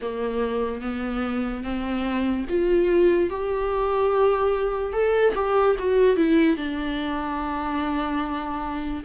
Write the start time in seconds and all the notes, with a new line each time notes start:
0.01 A#3
0.81 B3
1.63 C4
2.49 F4
3.30 G4
4.92 A4
5.34 G4
5.78 F#4
6.16 E4
6.56 D4